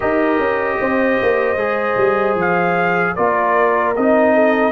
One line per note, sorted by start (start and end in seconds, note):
0.00 0.38 D#4
0.00 1.57 G4
0.00 0.78 A#4
0.00 2.37 D#5
0.38 0.77 C#4
0.80 1.20 C4
0.80 3.16 C5
1.22 1.56 A#3
1.56 1.95 G#3
1.56 3.16 G#4
1.96 2.35 G3
2.35 3.13 F3
2.35 3.15 F5
3.15 3.97 A#3
3.15 3.95 F4
3.15 4.34 A#4
3.15 3.94 D5
3.96 4.72 C4
3.96 4.72 D#4
3.96 4.72 D#5
4.34 4.72 A4